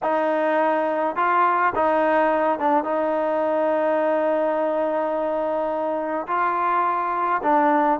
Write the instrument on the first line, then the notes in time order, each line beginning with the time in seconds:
trombone
0.02 D#4
1.16 F4
1.75 D#4
2.59 D4
2.84 D#4
6.27 F4
7.42 D4